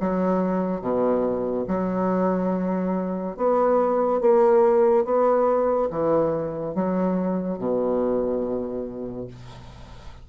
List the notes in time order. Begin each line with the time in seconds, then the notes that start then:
0.00 F#3
0.81 B2
1.67 F#3
3.37 B3
4.21 A#3
5.04 B3
5.90 E3
6.75 F#3
7.58 B2